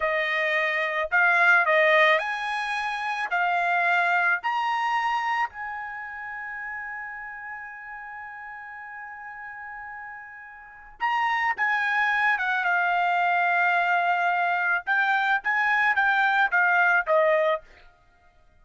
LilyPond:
\new Staff \with { instrumentName = "trumpet" } { \time 4/4 \tempo 4 = 109 dis''2 f''4 dis''4 | gis''2 f''2 | ais''2 gis''2~ | gis''1~ |
gis''1 | ais''4 gis''4. fis''8 f''4~ | f''2. g''4 | gis''4 g''4 f''4 dis''4 | }